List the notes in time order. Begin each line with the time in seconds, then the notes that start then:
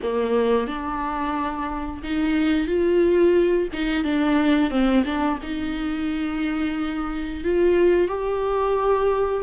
0.02 A#3
0.67 D4
2.03 D#4
2.67 F4
3.73 D#4
4.04 D4
4.70 C4
5.05 D4
5.42 D#4
7.43 F4
8.08 G4